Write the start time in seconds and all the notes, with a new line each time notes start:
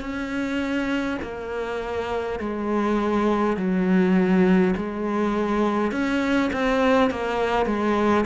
0.00 C#4
1.21 A#3
2.39 G#3
3.57 F#3
4.76 G#3
5.91 C#4
6.52 C4
7.10 A#3
7.66 G#3